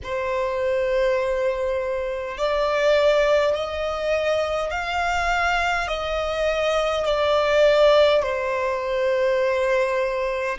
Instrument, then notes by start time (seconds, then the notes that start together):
violin
0.03 C5
2.37 D5
3.55 D#5
4.71 F5
5.87 D#5
7.05 D5
8.22 C5